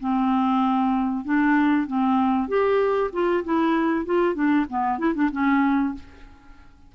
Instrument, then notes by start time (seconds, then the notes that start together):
clarinet
0.00 C4
1.25 D4
1.88 C4
2.48 G4
3.13 F4
3.44 E4
4.06 F4
4.35 D4
4.70 B3
4.99 E4
5.15 D4
5.32 C#4